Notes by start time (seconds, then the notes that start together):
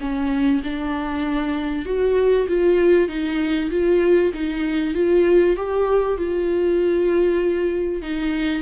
0.00 C#4
0.63 D4
1.85 F#4
2.48 F4
3.08 D#4
3.70 F4
4.34 D#4
4.94 F4
5.56 G4
6.17 F4
8.02 D#4